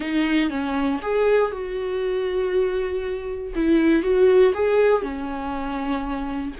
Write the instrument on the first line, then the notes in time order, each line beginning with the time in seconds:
viola
0.00 D#4
0.50 C#4
1.02 G#4
1.51 F#4
3.55 E4
4.02 F#4
4.54 G#4
5.02 C#4